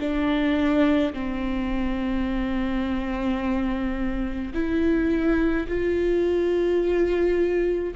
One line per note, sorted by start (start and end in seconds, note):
0.00 1.13 D4
1.13 4.53 C4
4.54 5.67 E4
5.68 7.95 F4